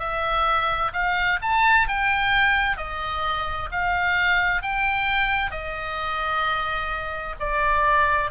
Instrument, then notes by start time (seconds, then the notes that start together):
oboe
0.00 E5
0.94 F5
1.42 A5
1.88 G5
2.77 D#5
3.72 F5
4.63 G5
5.51 D#5
7.40 D5